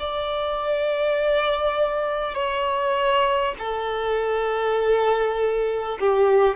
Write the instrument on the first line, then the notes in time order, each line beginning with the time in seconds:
violin
0.00 D5
2.35 C#5
3.59 A4
6.00 G4